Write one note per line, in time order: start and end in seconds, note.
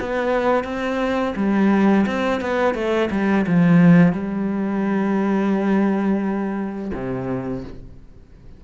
0.00 0.64 B3
0.64 1.34 C4
1.36 2.06 G3
2.07 2.41 C4
2.41 2.74 B3
2.74 3.09 A3
3.11 3.46 G3
3.47 4.13 F3
4.13 6.92 G3
6.94 7.64 C3